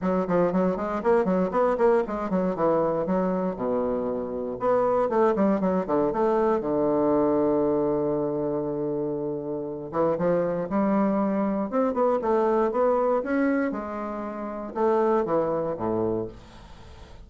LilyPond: \new Staff \with { instrumentName = "bassoon" } { \time 4/4 \tempo 4 = 118 fis8 f8 fis8 gis8 ais8 fis8 b8 ais8 | gis8 fis8 e4 fis4 b,4~ | b,4 b4 a8 g8 fis8 d8 | a4 d2.~ |
d2.~ d8 e8 | f4 g2 c'8 b8 | a4 b4 cis'4 gis4~ | gis4 a4 e4 a,4 | }